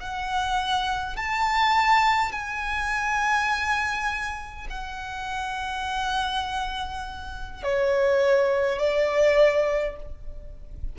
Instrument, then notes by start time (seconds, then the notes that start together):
violin
0.00 F#5
1.17 A5
2.32 G#5
4.70 F#5
7.64 C#5
8.79 D5